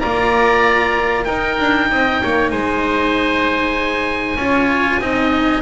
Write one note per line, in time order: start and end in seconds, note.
0.00 1.28 A#3
0.00 1.25 F4
0.00 1.25 D5
0.00 1.24 A#5
1.24 4.38 D#4
1.24 1.59 D#4
1.24 1.88 A#4
1.24 2.49 G5
1.59 1.90 D4
1.90 2.22 C4
1.90 2.22 D#5
2.22 2.52 A#3
2.22 2.51 C#5
2.49 4.36 G#3
2.49 4.38 C5
2.49 5.62 G#5
4.36 4.98 C#4
4.36 5.01 F4
4.42 5.01 C#5
4.99 5.62 C4
4.99 5.62 D#4
4.99 5.62 D#5